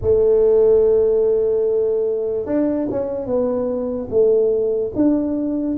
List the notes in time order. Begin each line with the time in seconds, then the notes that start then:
0.01 A3
2.46 D4
2.90 C#4
3.25 B3
4.09 A3
4.95 D4